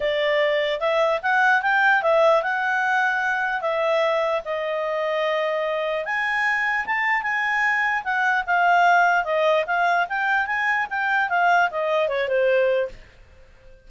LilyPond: \new Staff \with { instrumentName = "clarinet" } { \time 4/4 \tempo 4 = 149 d''2 e''4 fis''4 | g''4 e''4 fis''2~ | fis''4 e''2 dis''4~ | dis''2. gis''4~ |
gis''4 a''4 gis''2 | fis''4 f''2 dis''4 | f''4 g''4 gis''4 g''4 | f''4 dis''4 cis''8 c''4. | }